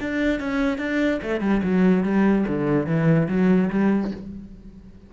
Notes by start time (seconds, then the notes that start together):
0.00 D4
0.40 C#4
0.78 D4
1.22 A3
1.41 G3
1.63 F#3
2.03 G3
2.48 D3
2.86 E3
3.28 F#3
3.70 G3